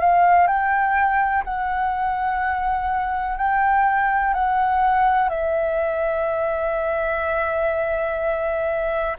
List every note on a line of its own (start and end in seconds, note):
0.00 0.47 F5
0.47 1.44 G5
1.44 3.37 F#5
3.37 4.34 G5
4.34 5.29 F#5
5.29 9.16 E5